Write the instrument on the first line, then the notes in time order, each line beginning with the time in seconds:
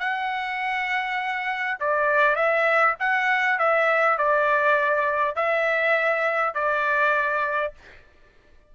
trumpet
0.00 F#5
1.81 D5
2.36 E5
3.00 F#5
3.59 E5
4.18 D5
5.36 E5
6.55 D5